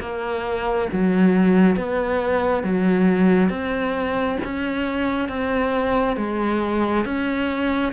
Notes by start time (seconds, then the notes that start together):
0.00 A#3
0.93 F#3
1.76 B3
2.64 F#3
3.50 C4
4.44 C#4
5.29 C4
6.17 G#3
7.05 C#4